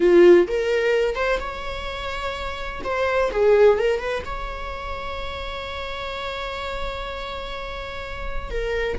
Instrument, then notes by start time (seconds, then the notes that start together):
viola
0.00 F4
0.47 A#4
1.15 C5
1.39 C#5
2.83 C5
3.31 G#4
3.78 A#4
3.99 B4
4.25 C#5
8.50 A#4